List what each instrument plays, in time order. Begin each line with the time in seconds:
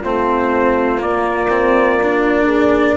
0.00 bassoon A3, cello C4, horn F4, trumpet C5
0.98 cello A#3, bassoon A#3, trumpet D5
1.49 cello C4
2.02 cello D4
2.45 horn G#4